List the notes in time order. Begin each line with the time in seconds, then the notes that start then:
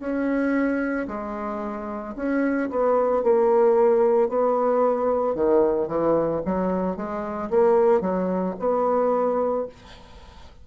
0.00 C#4
1.08 G#3
2.16 C#4
2.70 B3
3.23 A#3
4.29 B3
5.35 D#3
5.88 E3
6.45 F#3
6.96 G#3
7.50 A#3
8.01 F#3
8.60 B3